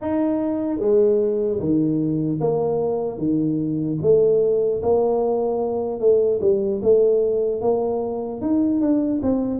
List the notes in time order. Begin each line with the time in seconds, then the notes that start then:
0.01 D#4
0.79 G#3
1.59 D#3
2.40 A#3
3.18 D#3
4.01 A3
4.82 A#3
6.00 A3
6.40 G3
6.82 A3
7.61 A#3
8.41 D#4
8.80 D4
9.22 C4